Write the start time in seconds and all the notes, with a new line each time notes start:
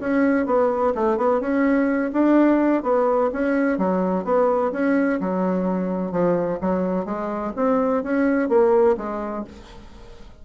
0.00 C#4
0.46 B3
0.95 A3
1.17 B3
1.40 C#4
2.13 D4
2.83 B3
3.32 C#4
3.78 F#3
4.24 B3
4.72 C#4
5.20 F#3
6.11 F3
6.61 F#3
7.05 G#3
7.56 C4
8.03 C#4
8.48 A#3
8.97 G#3